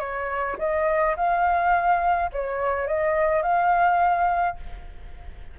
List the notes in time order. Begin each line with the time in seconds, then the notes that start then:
0.00 C#5
0.59 D#5
1.17 F5
2.33 C#5
2.88 D#5
3.43 F5